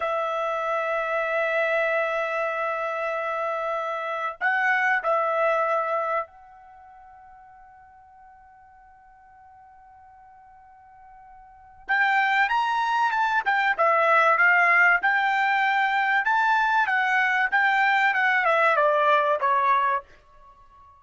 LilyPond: \new Staff \with { instrumentName = "trumpet" } { \time 4/4 \tempo 4 = 96 e''1~ | e''2. fis''4 | e''2 fis''2~ | fis''1~ |
fis''2. g''4 | ais''4 a''8 g''8 e''4 f''4 | g''2 a''4 fis''4 | g''4 fis''8 e''8 d''4 cis''4 | }